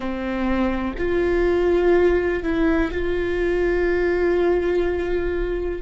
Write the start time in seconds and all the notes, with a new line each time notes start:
0.00 C4
0.98 F4
2.43 E4
2.91 F4